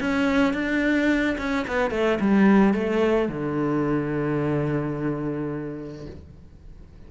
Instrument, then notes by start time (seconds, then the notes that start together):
cello
0.00 C#4
0.53 D4
1.38 C#4
1.67 B3
1.90 A3
2.20 G3
2.74 A3
3.28 D3